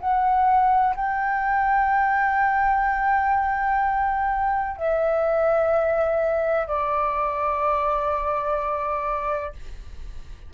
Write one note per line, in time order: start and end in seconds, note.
0.00 0.95 F#5
0.96 4.77 G5
4.77 6.68 E5
6.68 9.53 D5